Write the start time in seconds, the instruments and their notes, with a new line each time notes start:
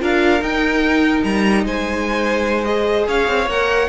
0.00 cello D4, viola F4, violin A#4 F5
0.41 cello D#4, viola D#4, violin G5
1.23 cello G3, violin A#5
1.64 cello G#3, violin C5 G#5
2.64 viola G#4, violin D#5
3.07 cello C#4, violin C#5 F5
3.27 cello C4
3.46 cello A#3, viola A#4, violin F#5